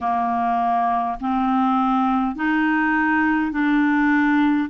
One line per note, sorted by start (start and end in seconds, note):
0.01 1.18 A#3
1.20 2.35 C4
2.35 3.51 D#4
3.51 4.69 D4